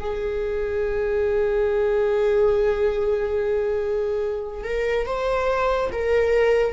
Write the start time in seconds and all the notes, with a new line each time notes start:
0.00 G#4
4.64 A#4
5.06 C5
5.92 A#4